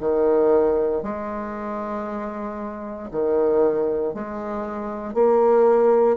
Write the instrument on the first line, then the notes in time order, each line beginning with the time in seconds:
bassoon
0.00 D#3
1.03 G#3
3.11 D#3
4.14 G#3
5.14 A#3